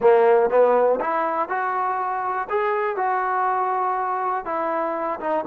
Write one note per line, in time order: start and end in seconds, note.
0.00 0.50 A#3
0.50 0.99 B3
1.00 1.48 E4
1.48 2.47 F#4
2.49 2.96 G#4
2.96 4.45 F#4
4.45 5.19 E4
5.20 5.44 D#4